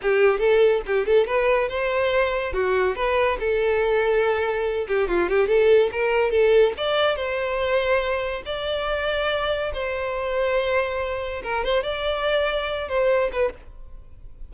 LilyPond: \new Staff \with { instrumentName = "violin" } { \time 4/4 \tempo 4 = 142 g'4 a'4 g'8 a'8 b'4 | c''2 fis'4 b'4 | a'2.~ a'8 g'8 | f'8 g'8 a'4 ais'4 a'4 |
d''4 c''2. | d''2. c''4~ | c''2. ais'8 c''8 | d''2~ d''8 c''4 b'8 | }